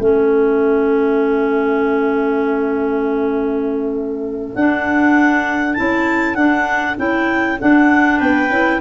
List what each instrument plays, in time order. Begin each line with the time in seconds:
0.00 tuba A3, clarinet C#4 E5, viola A4
4.56 tuba D4, clarinet D4 F#5
5.74 tuba C#4, clarinet E4 A5
6.35 clarinet D4 F#5, tuba D4
6.97 tuba C#4, clarinet E4 G5
7.60 clarinet D4 F#5, tuba D4
8.19 tuba B3, viola B4, clarinet G5
8.50 tuba C#4, clarinet E4